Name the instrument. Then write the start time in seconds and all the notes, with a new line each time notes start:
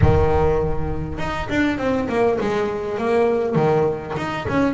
double bass
0.01 D#3
1.18 D#4
1.49 D4
1.78 C4
2.08 A#3
2.41 G#3
2.97 A#3
3.55 D#3
4.17 D#4
4.48 C#4